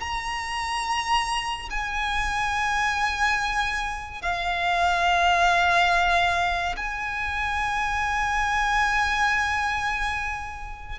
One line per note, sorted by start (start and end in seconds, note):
0.00 1.69 A#5
1.71 4.22 G#5
4.22 6.76 F5
6.77 10.99 G#5